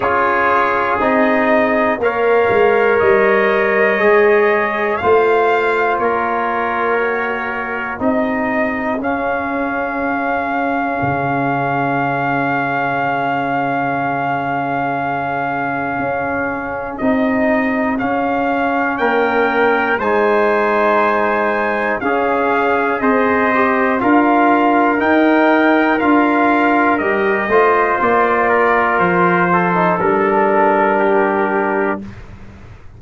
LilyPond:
<<
  \new Staff \with { instrumentName = "trumpet" } { \time 4/4 \tempo 4 = 60 cis''4 dis''4 f''4 dis''4~ | dis''4 f''4 cis''2 | dis''4 f''2.~ | f''1~ |
f''4 dis''4 f''4 g''4 | gis''2 f''4 dis''4 | f''4 g''4 f''4 dis''4 | d''4 c''4 ais'2 | }
  \new Staff \with { instrumentName = "trumpet" } { \time 4/4 gis'2 cis''2~ | cis''4 c''4 ais'2 | gis'1~ | gis'1~ |
gis'2. ais'4 | c''2 gis'4 c''4 | ais'2.~ ais'8 c''8~ | c''8 ais'4 a'4. g'4 | }
  \new Staff \with { instrumentName = "trombone" } { \time 4/4 f'4 dis'4 ais'2 | gis'4 f'2 fis'4 | dis'4 cis'2.~ | cis'1~ |
cis'4 dis'4 cis'2 | dis'2 cis'4 gis'8 g'8 | f'4 dis'4 f'4 g'8 f'8~ | f'4.~ f'16 dis'16 d'2 | }
  \new Staff \with { instrumentName = "tuba" } { \time 4/4 cis'4 c'4 ais8 gis8 g4 | gis4 a4 ais2 | c'4 cis'2 cis4~ | cis1 |
cis'4 c'4 cis'4 ais4 | gis2 cis'4 c'4 | d'4 dis'4 d'4 g8 a8 | ais4 f4 g2 | }
>>